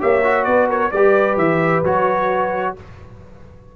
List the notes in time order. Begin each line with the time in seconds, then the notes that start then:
0.00 A#3 G4 C#5 E5
0.24 F#4
0.45 B3 B4 D5
0.68 A#4 C#5
0.91 G3 G4 B4 D5
1.37 E3 E5
1.83 F#3 F#4 C#5